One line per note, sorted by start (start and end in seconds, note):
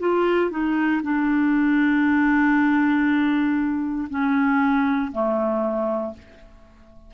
0.00 0.51 F4
0.51 1.02 D#4
1.04 4.09 D4
4.10 5.12 C#4
5.12 6.14 A3